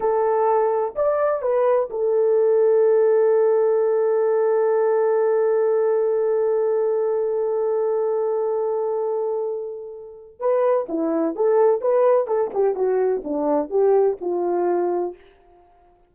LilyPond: \new Staff \with { instrumentName = "horn" } { \time 4/4 \tempo 4 = 127 a'2 d''4 b'4 | a'1~ | a'1~ | a'1~ |
a'1~ | a'2 b'4 e'4 | a'4 b'4 a'8 g'8 fis'4 | d'4 g'4 f'2 | }